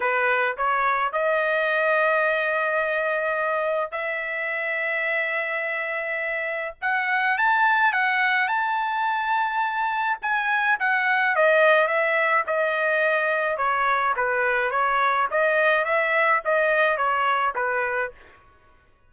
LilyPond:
\new Staff \with { instrumentName = "trumpet" } { \time 4/4 \tempo 4 = 106 b'4 cis''4 dis''2~ | dis''2. e''4~ | e''1 | fis''4 a''4 fis''4 a''4~ |
a''2 gis''4 fis''4 | dis''4 e''4 dis''2 | cis''4 b'4 cis''4 dis''4 | e''4 dis''4 cis''4 b'4 | }